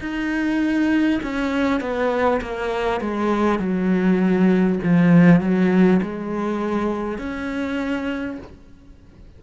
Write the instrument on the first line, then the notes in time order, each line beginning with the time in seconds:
cello
0.00 D#4
1.23 C#4
1.81 B3
2.41 A#3
3.01 G#3
3.59 F#3
4.83 F3
5.41 F#3
6.02 G#3
7.18 C#4